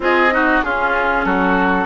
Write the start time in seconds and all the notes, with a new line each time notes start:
0.00 C4 F4 G#4 D#5
0.31 D#4 F#4
0.62 C#4 F4 G#4
1.24 F#3 F#4 A4